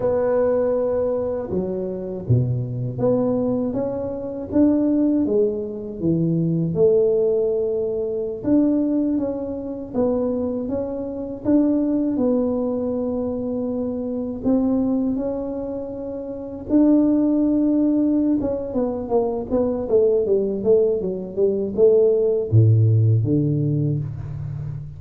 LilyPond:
\new Staff \with { instrumentName = "tuba" } { \time 4/4 \tempo 4 = 80 b2 fis4 b,4 | b4 cis'4 d'4 gis4 | e4 a2~ a16 d'8.~ | d'16 cis'4 b4 cis'4 d'8.~ |
d'16 b2. c'8.~ | c'16 cis'2 d'4.~ d'16~ | d'8 cis'8 b8 ais8 b8 a8 g8 a8 | fis8 g8 a4 a,4 d4 | }